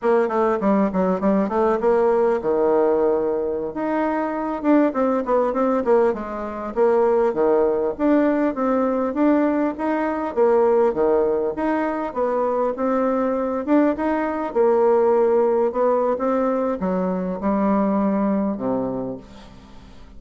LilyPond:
\new Staff \with { instrumentName = "bassoon" } { \time 4/4 \tempo 4 = 100 ais8 a8 g8 fis8 g8 a8 ais4 | dis2~ dis16 dis'4. d'16~ | d'16 c'8 b8 c'8 ais8 gis4 ais8.~ | ais16 dis4 d'4 c'4 d'8.~ |
d'16 dis'4 ais4 dis4 dis'8.~ | dis'16 b4 c'4. d'8 dis'8.~ | dis'16 ais2 b8. c'4 | fis4 g2 c4 | }